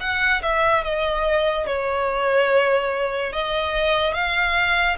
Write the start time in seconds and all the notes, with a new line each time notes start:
0.00 F#5
0.42 E5
0.83 D#5
1.66 C#5
3.33 D#5
4.14 F5